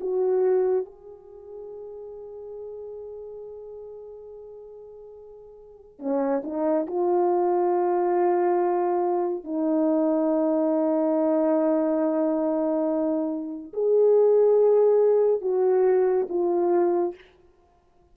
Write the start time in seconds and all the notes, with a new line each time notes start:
0.00 F#4
0.85 G#4
5.99 C#4
6.44 D#4
6.86 F4
9.44 D#4
13.73 G#4
15.41 F#4
16.29 F4